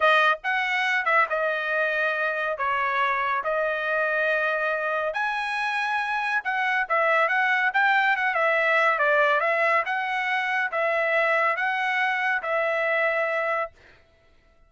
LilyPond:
\new Staff \with { instrumentName = "trumpet" } { \time 4/4 \tempo 4 = 140 dis''4 fis''4. e''8 dis''4~ | dis''2 cis''2 | dis''1 | gis''2. fis''4 |
e''4 fis''4 g''4 fis''8 e''8~ | e''4 d''4 e''4 fis''4~ | fis''4 e''2 fis''4~ | fis''4 e''2. | }